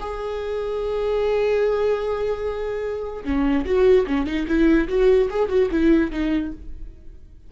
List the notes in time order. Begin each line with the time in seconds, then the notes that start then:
0.00 G#4
3.24 C#4
3.65 F#4
4.07 C#4
4.26 D#4
4.47 E4
4.88 F#4
5.30 G#4
5.49 F#4
5.71 E4
6.11 D#4